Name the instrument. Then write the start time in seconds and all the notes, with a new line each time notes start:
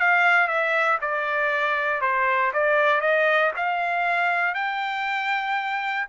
trumpet
0.00 F5
0.48 E5
1.01 D5
2.01 C5
2.53 D5
3.01 D#5
3.57 F5
4.55 G5